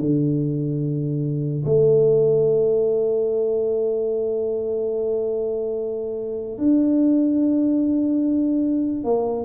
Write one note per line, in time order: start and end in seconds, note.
0.00 1.64 D3
1.65 6.58 A3
6.58 9.04 D4
9.04 9.45 A#3